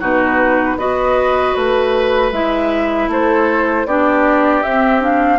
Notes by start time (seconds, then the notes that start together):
0.00 B2 D#4 F#4 B4
0.76 B3 F#4 B4 D#5
1.55 A3 B4
2.32 G#3 E4 E5
3.08 A3 A4 C5
3.85 B3 D4 G4 D5
4.63 C4 E5
5.00 D4 F5